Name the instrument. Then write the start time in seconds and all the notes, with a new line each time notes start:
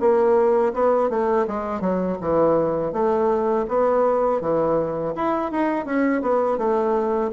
bassoon
0.00 A#3
0.73 B3
1.10 A3
1.47 G#3
1.81 F#3
2.21 E3
2.93 A3
3.68 B3
4.41 E3
5.15 E4
5.51 D#4
5.85 C#4
6.22 B3
6.58 A3